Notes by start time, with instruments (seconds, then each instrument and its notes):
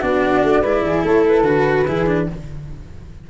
0.00 tuba B3, cello D4, flute F#4 D5
0.43 tuba A3
0.61 tuba G#3, cello E4, flute B4
0.82 tuba E3, flute G#4
1.04 tuba A3, flute A4 C#5
1.27 flute B4
1.42 tuba D3, cello F#4
1.87 tuba E3, cello E4, flute G#4
2.07 cello D4